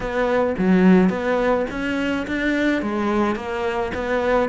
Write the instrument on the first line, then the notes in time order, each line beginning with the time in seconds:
cello
0.00 B3
0.58 F#3
1.09 B3
1.70 C#4
2.27 D4
2.82 G#3
3.35 A#3
3.94 B3